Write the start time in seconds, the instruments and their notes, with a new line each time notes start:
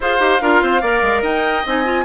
0.00 bassoon F4, clarinet G#4, oboe C5, flute F5
0.18 bassoon D#4, clarinet G4
0.41 bassoon D4, clarinet F4, oboe A#4
0.62 bassoon C4, oboe C5
0.81 bassoon A#3, clarinet A#4, oboe D5
1.02 bassoon G#3
1.21 bassoon D#4, oboe D#5, flute G5
1.66 bassoon C4, clarinet D#4, flute G#5
1.84 clarinet F4